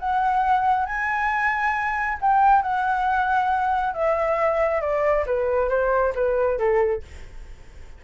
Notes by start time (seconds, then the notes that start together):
0.00 F#5
0.86 G#5
2.21 G5
2.62 F#5
3.94 E5
4.81 D5
5.27 B4
5.70 C5
6.15 B4
6.59 A4